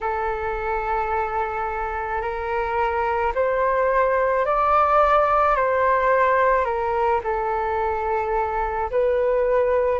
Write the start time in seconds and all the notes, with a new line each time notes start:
0.00 A4
2.21 A#4
3.34 C5
4.45 D5
5.55 C5
6.64 A#4
7.23 A4
8.90 B4